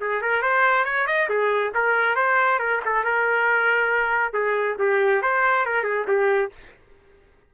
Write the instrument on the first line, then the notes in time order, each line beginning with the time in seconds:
trumpet
0.00 G#4
0.21 A#4
0.42 C5
0.85 C#5
1.06 D#5
1.29 G#4
1.74 A#4
2.15 C5
2.59 A#4
2.85 A4
3.04 A#4
4.33 G#4
4.78 G4
5.22 C5
5.65 A#4
5.83 G#4
6.08 G4